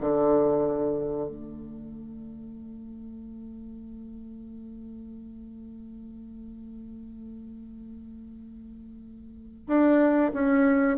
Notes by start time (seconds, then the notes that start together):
0.00 D3
1.29 A3
9.67 D4
10.33 C#4